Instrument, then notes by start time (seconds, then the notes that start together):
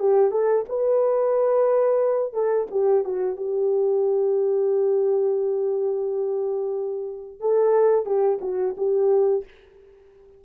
horn
0.00 G4
0.31 A4
0.69 B4
2.33 A4
2.71 G4
3.05 F#4
3.36 G4
7.40 A4
8.06 G4
8.41 F#4
8.77 G4